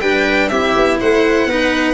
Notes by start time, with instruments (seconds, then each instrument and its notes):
0.00 tuba G3, cello D4, viola B4, violin G5
0.48 tuba C4, cello E4, viola G4, violin E5
0.75 tuba B3
1.00 tuba A3, viola C5, violin F#5
1.46 tuba B3, cello D#4, viola B4